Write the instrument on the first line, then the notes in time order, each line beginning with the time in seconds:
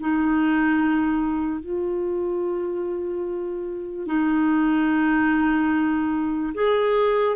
clarinet
0.00 D#4
1.61 F4
4.07 D#4
6.55 G#4